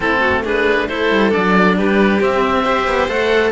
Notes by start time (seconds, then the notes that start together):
0.00 A3 C4 E4 A4
0.19 F#4
0.44 D4 G#4 B4
0.87 E4 A4 C5
1.10 G3
1.29 D4 D5
1.36 F#3
1.76 G3 G4 B4
2.20 C4 E5
2.62 G4 C5
2.86 B3
3.08 A3 A4 F#5